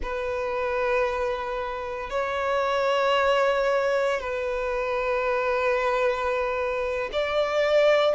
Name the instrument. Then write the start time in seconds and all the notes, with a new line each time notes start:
violin
0.02 B4
2.10 C#5
4.20 B4
7.12 D5